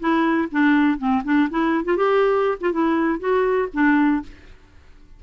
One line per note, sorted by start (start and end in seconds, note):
0.00 0.49 E4
0.52 0.99 D4
0.99 1.23 C4
1.25 1.49 D4
1.50 1.85 E4
1.85 1.97 F4
1.97 2.58 G4
2.61 2.73 F4
2.73 3.20 E4
3.20 3.69 F#4
3.74 4.23 D4